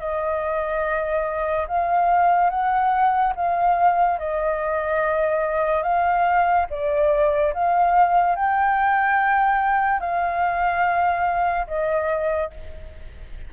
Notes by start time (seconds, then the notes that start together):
0.00 D#5
1.68 F5
2.50 F#5
3.36 F5
4.19 D#5
5.83 F5
6.70 D5
7.54 F5
8.36 G5
10.00 F5
11.67 D#5